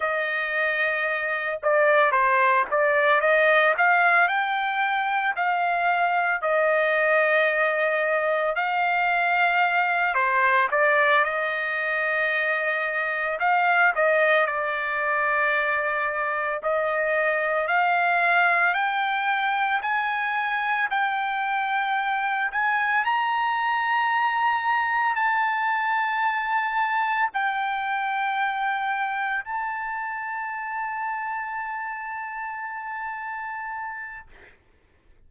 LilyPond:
\new Staff \with { instrumentName = "trumpet" } { \time 4/4 \tempo 4 = 56 dis''4. d''8 c''8 d''8 dis''8 f''8 | g''4 f''4 dis''2 | f''4. c''8 d''8 dis''4.~ | dis''8 f''8 dis''8 d''2 dis''8~ |
dis''8 f''4 g''4 gis''4 g''8~ | g''4 gis''8 ais''2 a''8~ | a''4. g''2 a''8~ | a''1 | }